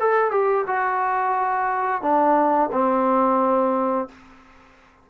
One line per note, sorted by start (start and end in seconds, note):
0.00 0.32 A4
0.32 0.66 G4
0.67 2.02 F#4
2.02 2.70 D4
2.72 4.08 C4